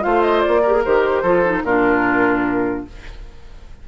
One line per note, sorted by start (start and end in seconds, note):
0.00 0.45 A3
0.00 0.60 F4
0.00 0.61 C5
0.00 0.21 F5
0.21 0.41 D#5
0.41 0.81 D5
0.47 0.85 A#3
0.61 0.72 G4
0.61 1.22 A#4
0.72 0.82 G#4
0.84 1.22 D#3
0.84 1.25 G4
0.84 1.64 C5
1.22 1.62 F3
1.22 1.45 F4
1.22 1.62 A4
1.45 1.65 D#4
1.62 2.83 A#2
1.62 2.87 D4
1.62 2.85 F4
1.62 2.85 A#4